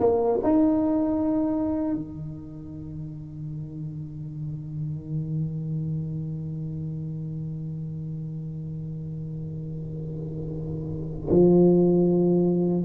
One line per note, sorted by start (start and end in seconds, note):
0.00 0.39 A#3
0.43 1.94 D#4
1.94 11.29 D#3
11.30 12.84 F3